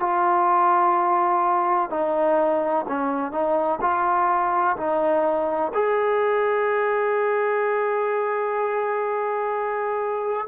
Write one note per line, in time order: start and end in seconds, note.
0.00 1.90 F4
1.90 2.86 D#4
2.88 3.32 C#4
3.32 3.79 D#4
3.81 4.77 F4
4.77 5.72 D#4
5.74 10.48 G#4